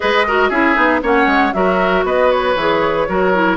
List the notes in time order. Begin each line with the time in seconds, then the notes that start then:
0.00 G#3 G#4 B4 D#5
0.27 F#4 A#4
0.49 C#4 E4 G#4 E5
0.75 B3 D#4
1.02 A#3 C#4 C#5 F#5
1.26 G#3
1.53 F#3 F#4 A#4 E5
2.04 B3 B4 D#5
2.31 C#5
2.55 E3 G#4
3.08 F#3 F#4 A#4
3.34 E4